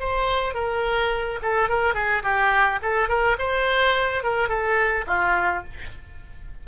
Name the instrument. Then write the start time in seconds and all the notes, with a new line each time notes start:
oboe
0.00 C5
0.55 A#4
1.42 A4
1.69 A#4
1.95 G#4
2.23 G4
2.83 A4
3.09 A#4
3.39 C5
4.24 A#4
4.49 A4
5.07 F4